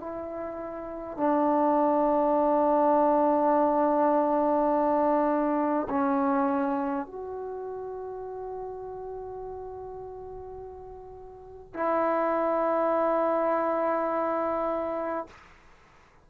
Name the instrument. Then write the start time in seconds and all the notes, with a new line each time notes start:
trombone
0.00 E4
1.18 D4
5.90 C#4
7.06 F#4
11.74 E4